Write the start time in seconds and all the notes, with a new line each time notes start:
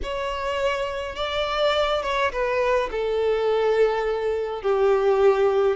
0.02 C#5
1.15 D5
2.02 C#5
2.32 B4
2.91 A4
4.62 G4